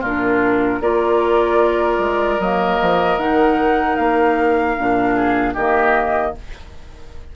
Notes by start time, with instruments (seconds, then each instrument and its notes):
0.00 bassoon A#2, clarinet D4, oboe F4, flute A#4
0.80 bassoon A#3, clarinet F4, oboe A#4, flute D5
1.98 bassoon G#3
2.39 bassoon F#3, clarinet A#3, flute D#5
2.81 bassoon F3
3.17 bassoon D#3, clarinet D#4, flute F#5
3.96 bassoon A#3, flute F5
4.77 bassoon A#2, clarinet D4
5.15 oboe G#4
5.53 bassoon D#3, clarinet A#3, oboe G4, flute D#5